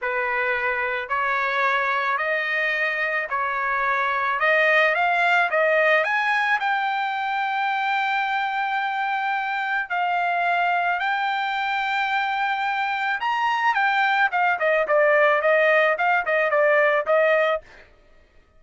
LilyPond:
\new Staff \with { instrumentName = "trumpet" } { \time 4/4 \tempo 4 = 109 b'2 cis''2 | dis''2 cis''2 | dis''4 f''4 dis''4 gis''4 | g''1~ |
g''2 f''2 | g''1 | ais''4 g''4 f''8 dis''8 d''4 | dis''4 f''8 dis''8 d''4 dis''4 | }